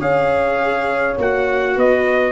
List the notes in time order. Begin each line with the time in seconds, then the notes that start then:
0.00 C#4 G#4 C#5 F5
1.18 A#3 F#4 F#5
1.75 B3 B4 D#5